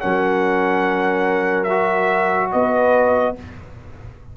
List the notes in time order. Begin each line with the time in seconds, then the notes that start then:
0.00 F#3 C#4 A#4 F#5
1.64 F#4 E5
2.52 B3 B4 D#5